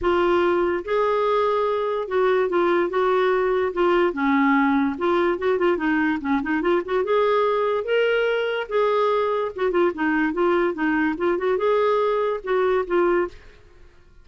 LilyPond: \new Staff \with { instrumentName = "clarinet" } { \time 4/4 \tempo 4 = 145 f'2 gis'2~ | gis'4 fis'4 f'4 fis'4~ | fis'4 f'4 cis'2 | f'4 fis'8 f'8 dis'4 cis'8 dis'8 |
f'8 fis'8 gis'2 ais'4~ | ais'4 gis'2 fis'8 f'8 | dis'4 f'4 dis'4 f'8 fis'8 | gis'2 fis'4 f'4 | }